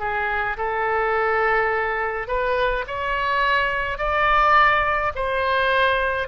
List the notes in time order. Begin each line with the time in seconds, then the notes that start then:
0.00 G#4
0.57 A4
2.28 B4
2.88 C#5
3.99 D5
5.16 C5